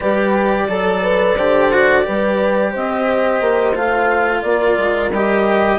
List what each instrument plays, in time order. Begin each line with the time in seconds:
0.00 bassoon G3, cello G4, horn B4, clarinet D5
0.68 bassoon F#3, cello A4, horn A4
1.02 horn B4
1.36 bassoon D3, cello G4, horn C5
1.71 cello F#4
2.02 bassoon G3, cello G4, horn B4
2.71 bassoon C4, horn C5, clarinet D#5
3.40 bassoon A#3
3.74 bassoon A3, cello F4, clarinet F5
4.42 bassoon A#3, horn A#4, clarinet D5
4.78 bassoon G#3
5.11 bassoon G3, cello G4, clarinet D#5